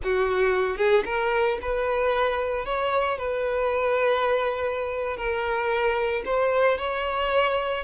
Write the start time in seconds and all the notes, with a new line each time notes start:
0.03 F#4
0.77 G#4
1.05 A#4
1.61 B4
2.65 C#5
3.17 B4
5.16 A#4
6.25 C5
6.77 C#5